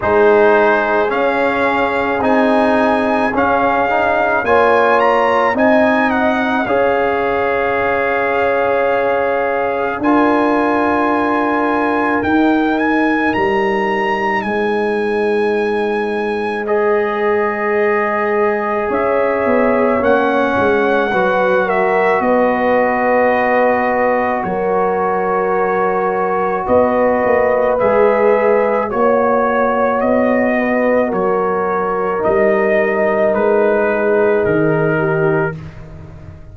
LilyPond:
<<
  \new Staff \with { instrumentName = "trumpet" } { \time 4/4 \tempo 4 = 54 c''4 f''4 gis''4 f''4 | gis''8 ais''8 gis''8 fis''8 f''2~ | f''4 gis''2 g''8 gis''8 | ais''4 gis''2 dis''4~ |
dis''4 e''4 fis''4. e''8 | dis''2 cis''2 | dis''4 e''4 cis''4 dis''4 | cis''4 dis''4 b'4 ais'4 | }
  \new Staff \with { instrumentName = "horn" } { \time 4/4 gis'1 | cis''4 dis''4 cis''2~ | cis''4 ais'2.~ | ais'4 c''2.~ |
c''4 cis''2 b'8 ais'8 | b'2 ais'2 | b'2 cis''4. b'8 | ais'2~ ais'8 gis'4 g'8 | }
  \new Staff \with { instrumentName = "trombone" } { \time 4/4 dis'4 cis'4 dis'4 cis'8 dis'8 | f'4 dis'4 gis'2~ | gis'4 f'2 dis'4~ | dis'2. gis'4~ |
gis'2 cis'4 fis'4~ | fis'1~ | fis'4 gis'4 fis'2~ | fis'4 dis'2. | }
  \new Staff \with { instrumentName = "tuba" } { \time 4/4 gis4 cis'4 c'4 cis'4 | ais4 c'4 cis'2~ | cis'4 d'2 dis'4 | g4 gis2.~ |
gis4 cis'8 b8 ais8 gis8 fis4 | b2 fis2 | b8 ais8 gis4 ais4 b4 | fis4 g4 gis4 dis4 | }
>>